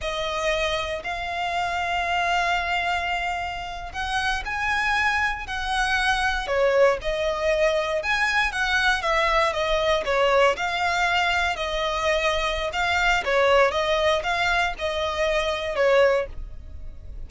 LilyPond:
\new Staff \with { instrumentName = "violin" } { \time 4/4 \tempo 4 = 118 dis''2 f''2~ | f''2.~ f''8. fis''16~ | fis''8. gis''2 fis''4~ fis''16~ | fis''8. cis''4 dis''2 gis''16~ |
gis''8. fis''4 e''4 dis''4 cis''16~ | cis''8. f''2 dis''4~ dis''16~ | dis''4 f''4 cis''4 dis''4 | f''4 dis''2 cis''4 | }